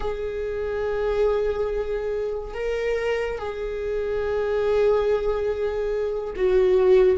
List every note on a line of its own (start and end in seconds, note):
0.00 2.54 G#4
2.54 3.38 A#4
3.38 6.34 G#4
6.36 7.18 F#4